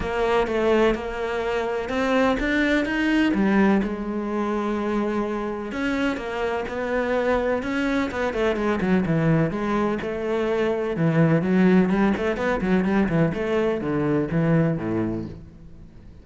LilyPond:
\new Staff \with { instrumentName = "cello" } { \time 4/4 \tempo 4 = 126 ais4 a4 ais2 | c'4 d'4 dis'4 g4 | gis1 | cis'4 ais4 b2 |
cis'4 b8 a8 gis8 fis8 e4 | gis4 a2 e4 | fis4 g8 a8 b8 fis8 g8 e8 | a4 d4 e4 a,4 | }